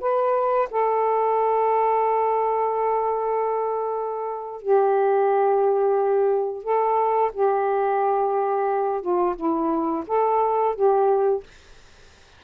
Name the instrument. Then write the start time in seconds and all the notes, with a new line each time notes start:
saxophone
0.00 B4
0.70 A4
4.61 G4
6.63 A4
7.33 G4
9.01 F4
9.35 E4
10.07 A4
10.75 G4